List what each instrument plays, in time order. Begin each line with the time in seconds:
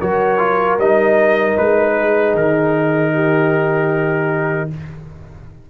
0.00 tuba F#3, trombone F#4, horn A#4, trumpet C#5
0.38 trombone F4
0.78 tuba G3, trombone D#4, trumpet D#5
1.57 tuba G#3, trumpet B4
1.97 horn G#4
2.34 tuba D#3, trumpet A#4
3.13 horn G4